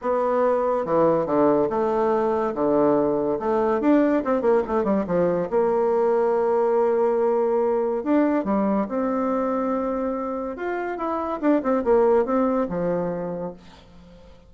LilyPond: \new Staff \with { instrumentName = "bassoon" } { \time 4/4 \tempo 4 = 142 b2 e4 d4 | a2 d2 | a4 d'4 c'8 ais8 a8 g8 | f4 ais2.~ |
ais2. d'4 | g4 c'2.~ | c'4 f'4 e'4 d'8 c'8 | ais4 c'4 f2 | }